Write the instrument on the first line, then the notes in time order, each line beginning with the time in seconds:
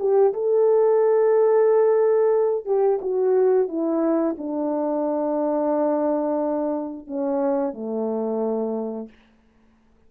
horn
0.00 G4
0.34 A4
2.66 G4
3.02 F#4
3.69 E4
4.38 D4
7.08 C#4
7.74 A3